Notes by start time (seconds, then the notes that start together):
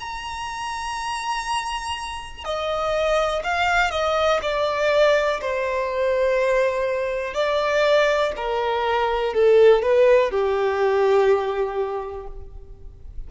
0.00 A#5
2.45 D#5
3.44 F5
3.91 D#5
4.42 D5
5.41 C5
7.34 D5
8.37 A#4
9.34 A4
9.83 B4
10.31 G4